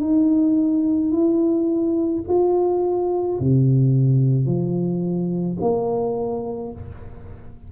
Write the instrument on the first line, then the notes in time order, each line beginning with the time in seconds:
tuba
0.00 D#4
1.11 E4
2.28 F4
3.39 C3
4.46 F3
5.61 A#3